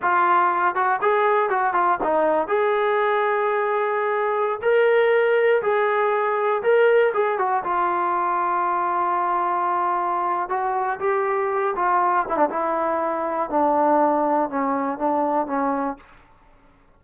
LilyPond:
\new Staff \with { instrumentName = "trombone" } { \time 4/4 \tempo 4 = 120 f'4. fis'8 gis'4 fis'8 f'8 | dis'4 gis'2.~ | gis'4~ gis'16 ais'2 gis'8.~ | gis'4~ gis'16 ais'4 gis'8 fis'8 f'8.~ |
f'1~ | f'4 fis'4 g'4. f'8~ | f'8 e'16 d'16 e'2 d'4~ | d'4 cis'4 d'4 cis'4 | }